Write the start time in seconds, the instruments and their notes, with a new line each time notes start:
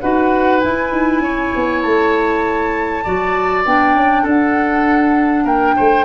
0.00 tuba D#4, clarinet F#4, oboe B4, flute F#5
0.60 clarinet E4, tuba E4, flute G#5
0.91 tuba D#4
1.19 tuba C#4, oboe C#5
1.55 tuba B3
1.82 tuba A3, flute A5
3.04 tuba F#3, clarinet F#4, oboe D5
3.65 tuba B3, clarinet D4, flute G5
3.94 tuba C#4
4.23 tuba D4, oboe A4, flute F#5
5.44 tuba A#3, oboe A#4, flute G5
5.76 tuba A3, oboe C5